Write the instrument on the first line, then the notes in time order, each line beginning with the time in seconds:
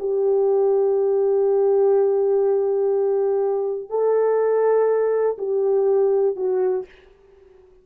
horn
0.00 G4
3.90 A4
5.39 G4
6.37 F#4